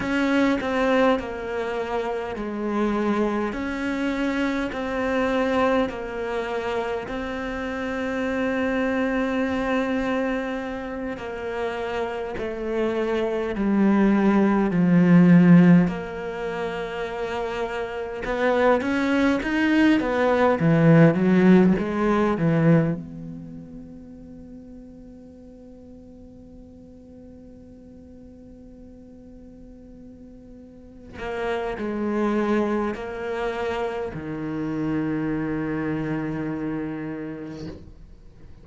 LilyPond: \new Staff \with { instrumentName = "cello" } { \time 4/4 \tempo 4 = 51 cis'8 c'8 ais4 gis4 cis'4 | c'4 ais4 c'2~ | c'4. ais4 a4 g8~ | g8 f4 ais2 b8 |
cis'8 dis'8 b8 e8 fis8 gis8 e8 b8~ | b1~ | b2~ b8 ais8 gis4 | ais4 dis2. | }